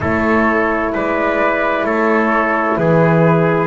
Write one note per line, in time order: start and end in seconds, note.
0.00 0.93 A3
0.00 3.67 E4
0.00 0.92 A4
0.00 0.94 C#5
0.93 1.84 G#3
0.93 1.86 B4
0.93 1.86 D5
1.84 2.76 A3
1.84 2.78 A4
1.84 2.77 C#5
2.77 3.67 E3
2.77 3.67 G#4
2.77 3.67 B4